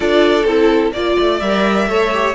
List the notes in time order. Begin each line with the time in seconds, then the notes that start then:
0.00 D4 F4 A4 D5
0.44 C4 E4 A4
0.93 A#3 F4 D5
1.19 A3
1.39 G3 A#4 E5
1.87 A3 A4 C#5
2.13 G4